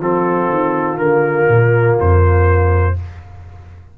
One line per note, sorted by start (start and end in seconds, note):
0.00 0.49 F3
0.00 0.97 C4
0.00 2.95 F4
0.00 0.98 A4
0.49 0.98 D#3
0.97 1.47 D3
0.97 2.94 A#3
0.97 1.96 A#4
1.48 1.98 A#2
2.00 2.98 F2
2.00 2.98 C5